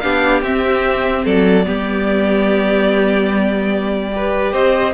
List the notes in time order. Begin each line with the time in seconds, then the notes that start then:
0.00 B3 D4 G4 F5
0.42 C4 E5
1.25 F#3 A4 D5
1.64 G3 B3 G4
4.12 G4 B4
4.53 C4 C5 D#5